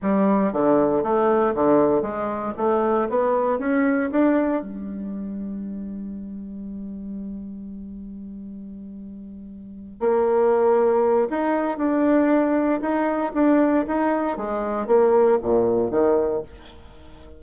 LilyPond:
\new Staff \with { instrumentName = "bassoon" } { \time 4/4 \tempo 4 = 117 g4 d4 a4 d4 | gis4 a4 b4 cis'4 | d'4 g2.~ | g1~ |
g2.~ g8 ais8~ | ais2 dis'4 d'4~ | d'4 dis'4 d'4 dis'4 | gis4 ais4 ais,4 dis4 | }